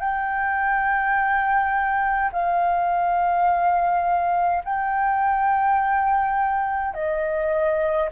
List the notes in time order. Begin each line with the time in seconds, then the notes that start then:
0.00 G5
2.33 F5
4.65 G5
6.94 D#5